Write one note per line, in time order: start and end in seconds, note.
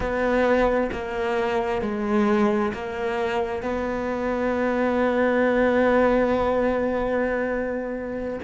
0.00 0.90 B3
0.92 1.81 A#3
1.81 2.72 G#3
2.73 3.62 A#3
3.62 8.39 B3